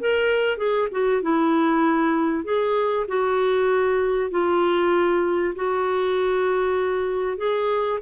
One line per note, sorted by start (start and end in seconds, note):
0.00 0.58 A#4
0.58 0.89 G#4
0.92 1.23 F#4
1.23 2.45 E4
2.45 3.06 G#4
3.08 4.31 F#4
4.31 5.55 F4
5.56 7.38 F#4
7.38 8.00 G#4